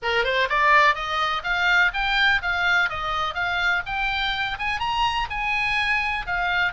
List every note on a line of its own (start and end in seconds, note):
0.02 0.24 A#4
0.24 0.48 C5
0.49 0.95 D5
0.95 1.43 D#5
1.43 1.91 F5
1.93 2.41 G5
2.42 2.89 F5
2.89 3.34 D#5
3.34 3.82 F5
3.86 4.58 G5
4.58 4.79 G#5
4.79 5.27 A#5
5.29 6.25 G#5
6.26 6.72 F5